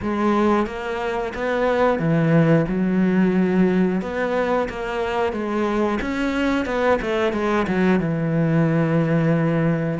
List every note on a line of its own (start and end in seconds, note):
0.02 0.66 G#3
0.66 1.33 A#3
1.34 1.98 B3
1.98 2.65 E3
2.68 4.01 F#3
4.02 4.68 B3
4.68 5.32 A#3
5.32 5.99 G#3
6.01 6.65 C#4
6.65 6.98 B3
7.01 7.32 A3
7.32 7.66 G#3
7.67 7.99 F#3
7.99 9.99 E3